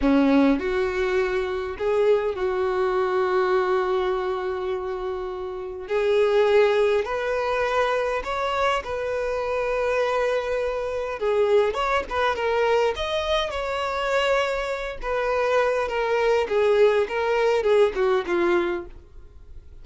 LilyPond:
\new Staff \with { instrumentName = "violin" } { \time 4/4 \tempo 4 = 102 cis'4 fis'2 gis'4 | fis'1~ | fis'2 gis'2 | b'2 cis''4 b'4~ |
b'2. gis'4 | cis''8 b'8 ais'4 dis''4 cis''4~ | cis''4. b'4. ais'4 | gis'4 ais'4 gis'8 fis'8 f'4 | }